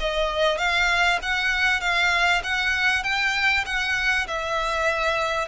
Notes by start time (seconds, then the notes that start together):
0.00 D#5
0.58 F5
1.22 F#5
1.81 F5
2.44 F#5
3.04 G5
3.66 F#5
4.27 E5